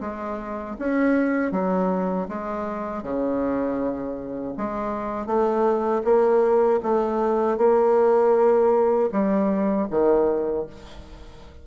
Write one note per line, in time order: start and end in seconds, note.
0.00 0.76 G#3
0.78 1.52 C#4
1.52 2.28 F#3
2.28 3.02 G#3
3.02 4.54 C#3
4.57 5.26 G#3
5.26 6.02 A3
6.04 6.80 A#3
6.83 7.57 A3
7.57 9.09 A#3
9.12 9.88 G3
9.90 10.66 D#3